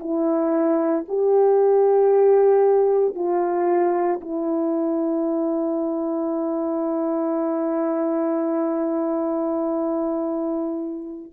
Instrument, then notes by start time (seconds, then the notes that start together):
horn
0.00 E4
1.08 G4
3.15 F4
4.21 E4